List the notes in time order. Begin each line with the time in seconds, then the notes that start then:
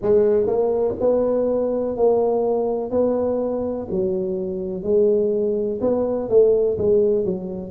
0.01 G#3
0.46 A#3
0.99 B3
1.96 A#3
2.90 B3
3.90 F#3
4.83 G#3
5.81 B3
6.29 A3
6.77 G#3
7.24 F#3